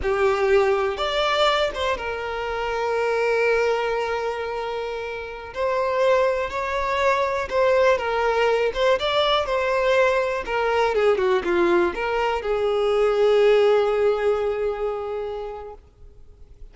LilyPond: \new Staff \with { instrumentName = "violin" } { \time 4/4 \tempo 4 = 122 g'2 d''4. c''8 | ais'1~ | ais'2.~ ais'16 c''8.~ | c''4~ c''16 cis''2 c''8.~ |
c''16 ais'4. c''8 d''4 c''8.~ | c''4~ c''16 ais'4 gis'8 fis'8 f'8.~ | f'16 ais'4 gis'2~ gis'8.~ | gis'1 | }